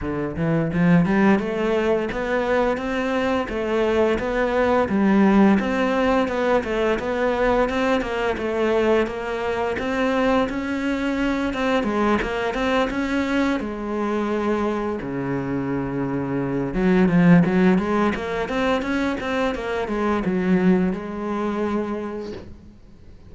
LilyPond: \new Staff \with { instrumentName = "cello" } { \time 4/4 \tempo 4 = 86 d8 e8 f8 g8 a4 b4 | c'4 a4 b4 g4 | c'4 b8 a8 b4 c'8 ais8 | a4 ais4 c'4 cis'4~ |
cis'8 c'8 gis8 ais8 c'8 cis'4 gis8~ | gis4. cis2~ cis8 | fis8 f8 fis8 gis8 ais8 c'8 cis'8 c'8 | ais8 gis8 fis4 gis2 | }